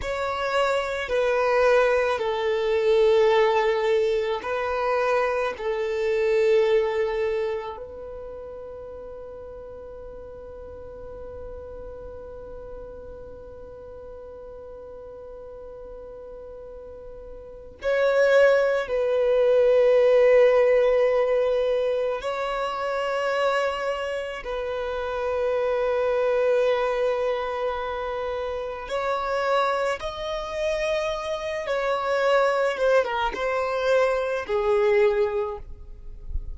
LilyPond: \new Staff \with { instrumentName = "violin" } { \time 4/4 \tempo 4 = 54 cis''4 b'4 a'2 | b'4 a'2 b'4~ | b'1~ | b'1 |
cis''4 b'2. | cis''2 b'2~ | b'2 cis''4 dis''4~ | dis''8 cis''4 c''16 ais'16 c''4 gis'4 | }